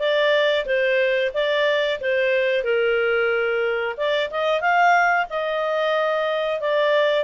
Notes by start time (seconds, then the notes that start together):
0.00 D5
0.66 C5
1.34 D5
2.01 C5
2.64 A#4
3.97 D5
4.31 D#5
4.61 F5
5.30 D#5
6.61 D5